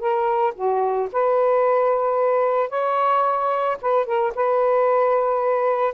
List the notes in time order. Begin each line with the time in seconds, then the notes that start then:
0.00 A#4
0.55 F#4
1.13 B4
2.70 C#5
3.82 B4
4.06 A#4
4.35 B4